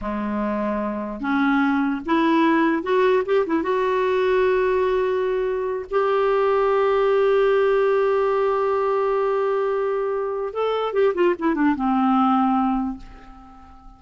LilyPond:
\new Staff \with { instrumentName = "clarinet" } { \time 4/4 \tempo 4 = 148 gis2. cis'4~ | cis'4 e'2 fis'4 | g'8 e'8 fis'2.~ | fis'2~ fis'8 g'4.~ |
g'1~ | g'1~ | g'2 a'4 g'8 f'8 | e'8 d'8 c'2. | }